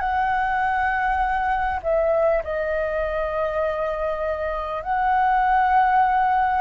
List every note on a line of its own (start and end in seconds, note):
0.00 1.80 F#5
1.83 2.43 E5
2.43 4.83 D#5
4.83 6.61 F#5